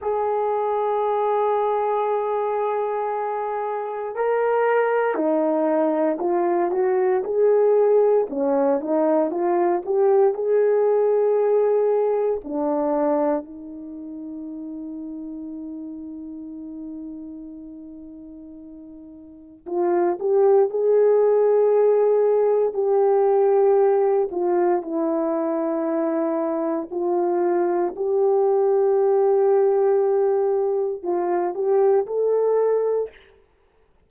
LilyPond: \new Staff \with { instrumentName = "horn" } { \time 4/4 \tempo 4 = 58 gis'1 | ais'4 dis'4 f'8 fis'8 gis'4 | cis'8 dis'8 f'8 g'8 gis'2 | d'4 dis'2.~ |
dis'2. f'8 g'8 | gis'2 g'4. f'8 | e'2 f'4 g'4~ | g'2 f'8 g'8 a'4 | }